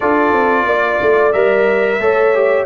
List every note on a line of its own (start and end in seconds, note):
0.00 0.32 D4
0.00 1.33 F4
0.00 0.66 A4
0.00 1.32 D5
0.32 0.65 C4
0.65 0.98 A#3
0.65 2.00 D5
1.01 1.34 A3
1.32 1.98 G3
1.32 2.00 A#4
1.32 2.65 E5
1.98 2.65 A3
1.98 2.34 A4
1.98 2.66 C#5
2.34 2.66 G4